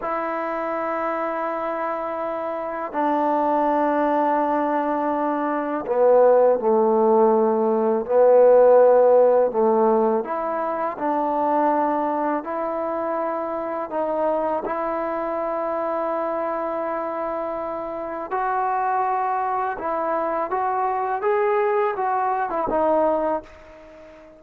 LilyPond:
\new Staff \with { instrumentName = "trombone" } { \time 4/4 \tempo 4 = 82 e'1 | d'1 | b4 a2 b4~ | b4 a4 e'4 d'4~ |
d'4 e'2 dis'4 | e'1~ | e'4 fis'2 e'4 | fis'4 gis'4 fis'8. e'16 dis'4 | }